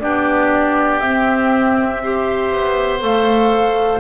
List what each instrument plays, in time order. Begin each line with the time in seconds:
0.00 double bass B3, clarinet D4, oboe G4, flute D5
0.99 double bass C4, clarinet C4, flute E5
2.03 clarinet G4, oboe C5
2.52 double bass B3
3.00 double bass A3, clarinet A4, flute F5